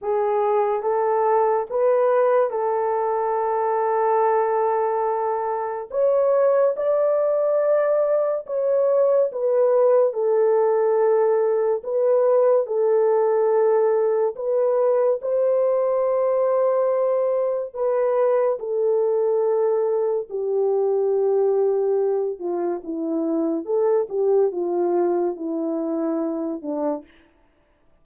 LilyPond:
\new Staff \with { instrumentName = "horn" } { \time 4/4 \tempo 4 = 71 gis'4 a'4 b'4 a'4~ | a'2. cis''4 | d''2 cis''4 b'4 | a'2 b'4 a'4~ |
a'4 b'4 c''2~ | c''4 b'4 a'2 | g'2~ g'8 f'8 e'4 | a'8 g'8 f'4 e'4. d'8 | }